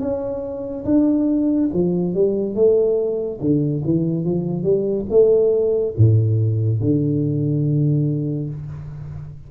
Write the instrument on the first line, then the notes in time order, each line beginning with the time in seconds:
tuba
0.00 C#4
0.85 D4
1.73 F3
2.14 G3
2.55 A3
3.40 D3
3.84 E3
4.24 F3
4.63 G3
5.09 A3
5.97 A2
6.80 D3